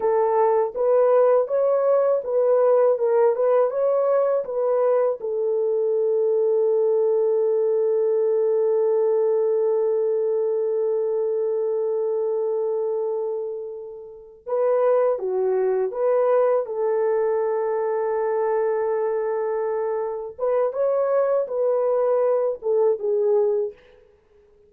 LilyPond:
\new Staff \with { instrumentName = "horn" } { \time 4/4 \tempo 4 = 81 a'4 b'4 cis''4 b'4 | ais'8 b'8 cis''4 b'4 a'4~ | a'1~ | a'1~ |
a'2.~ a'8 b'8~ | b'8 fis'4 b'4 a'4.~ | a'2.~ a'8 b'8 | cis''4 b'4. a'8 gis'4 | }